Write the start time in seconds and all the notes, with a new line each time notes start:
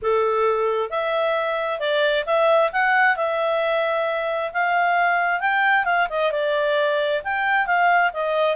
0.01 A4
0.90 E5
1.79 D5
2.26 E5
2.72 F#5
3.16 E5
4.53 F5
5.40 G5
5.85 F5
6.09 D#5
6.31 D5
7.23 G5
7.66 F5
8.13 D#5